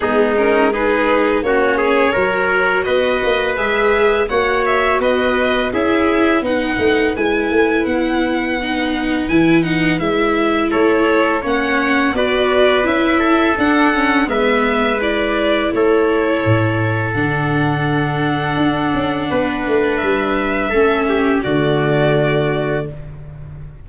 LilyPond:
<<
  \new Staff \with { instrumentName = "violin" } { \time 4/4 \tempo 4 = 84 gis'8 ais'8 b'4 cis''2 | dis''4 e''4 fis''8 e''8 dis''4 | e''4 fis''4 gis''4 fis''4~ | fis''4 gis''8 fis''8 e''4 cis''4 |
fis''4 d''4 e''4 fis''4 | e''4 d''4 cis''2 | fis''1 | e''2 d''2 | }
  \new Staff \with { instrumentName = "trumpet" } { \time 4/4 dis'4 gis'4 fis'8 gis'8 ais'4 | b'2 cis''4 b'4 | gis'4 b'2.~ | b'2. a'4 |
cis''4 b'4. a'4. | b'2 a'2~ | a'2. b'4~ | b'4 a'8 g'8 fis'2 | }
  \new Staff \with { instrumentName = "viola" } { \time 4/4 b8 cis'8 dis'4 cis'4 fis'4~ | fis'4 gis'4 fis'2 | e'4 dis'4 e'2 | dis'4 e'8 dis'8 e'2 |
cis'4 fis'4 e'4 d'8 cis'8 | b4 e'2. | d'1~ | d'4 cis'4 a2 | }
  \new Staff \with { instrumentName = "tuba" } { \time 4/4 gis2 ais4 fis4 | b8 ais8 gis4 ais4 b4 | cis'4 b8 a8 gis8 a8 b4~ | b4 e4 gis4 a4 |
ais4 b4 cis'4 d'4 | gis2 a4 a,4 | d2 d'8 cis'8 b8 a8 | g4 a4 d2 | }
>>